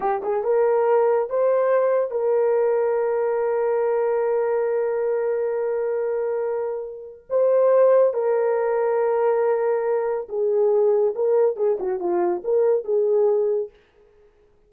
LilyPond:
\new Staff \with { instrumentName = "horn" } { \time 4/4 \tempo 4 = 140 g'8 gis'8 ais'2 c''4~ | c''4 ais'2.~ | ais'1~ | ais'1~ |
ais'4 c''2 ais'4~ | ais'1 | gis'2 ais'4 gis'8 fis'8 | f'4 ais'4 gis'2 | }